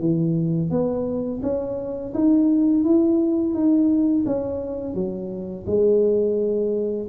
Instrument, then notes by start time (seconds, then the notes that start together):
tuba
0.00 E3
0.71 B3
1.43 C#4
2.14 D#4
2.84 E4
3.54 D#4
4.26 C#4
4.95 F#3
5.67 G#3